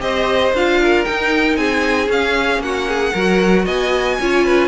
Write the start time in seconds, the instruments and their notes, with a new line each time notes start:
0.00 cello C4, viola G4, violin C5 D#5
0.54 cello D4, viola F4, violin F5
0.82 violin A#4
1.05 viola D#4, cello D#4, violin G5
1.57 cello C4, violin G#4 G#5
2.07 viola C#4, cello C#4, violin F5
2.59 cello A#3, violin F#4 F#5
2.88 violin G#4
3.14 cello F#3, viola F#4, violin A#4
3.66 cello B3, violin D#5 G#5
4.21 cello C#4, viola F4, violin C#5
4.45 violin B4